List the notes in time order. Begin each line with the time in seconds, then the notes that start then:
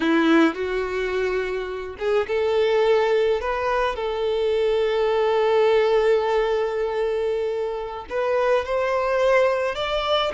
0.00 E4
0.54 F#4
1.98 G#4
2.27 A4
3.40 B4
3.95 A4
8.09 B4
8.65 C5
9.75 D5